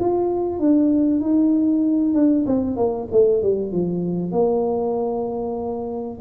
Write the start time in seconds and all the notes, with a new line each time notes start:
0.00 F4
0.60 D4
1.21 D#4
2.14 D4
2.47 C4
2.77 A#3
3.12 A3
3.43 G3
3.73 F3
4.32 A#3